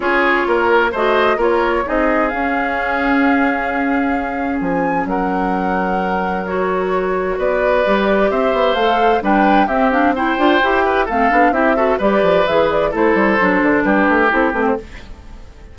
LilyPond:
<<
  \new Staff \with { instrumentName = "flute" } { \time 4/4 \tempo 4 = 130 cis''2 dis''4 cis''4 | dis''4 f''2.~ | f''2 gis''4 fis''4~ | fis''2 cis''2 |
d''2 e''4 f''4 | g''4 e''8 f''8 g''2 | f''4 e''4 d''4 e''8 d''8 | c''2 b'4 a'8 b'16 c''16 | }
  \new Staff \with { instrumentName = "oboe" } { \time 4/4 gis'4 ais'4 c''4 ais'4 | gis'1~ | gis'2. ais'4~ | ais'1 |
b'2 c''2 | b'4 g'4 c''4. b'8 | a'4 g'8 a'8 b'2 | a'2 g'2 | }
  \new Staff \with { instrumentName = "clarinet" } { \time 4/4 f'2 fis'4 f'4 | dis'4 cis'2.~ | cis'1~ | cis'2 fis'2~ |
fis'4 g'2 a'4 | d'4 c'8 d'8 e'8 f'8 g'4 | c'8 d'8 e'8 fis'8 g'4 gis'4 | e'4 d'2 e'8 c'8 | }
  \new Staff \with { instrumentName = "bassoon" } { \time 4/4 cis'4 ais4 a4 ais4 | c'4 cis'2.~ | cis'2 f4 fis4~ | fis1 |
b4 g4 c'8 b8 a4 | g4 c'4. d'8 e'4 | a8 b8 c'4 g8 f8 e4 | a8 g8 fis8 d8 g8 a8 c'8 a8 | }
>>